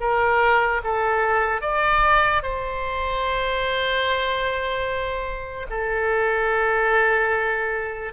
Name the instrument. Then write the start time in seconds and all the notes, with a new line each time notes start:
oboe
0.00 A#4
0.83 A4
1.61 D5
2.42 C5
5.69 A4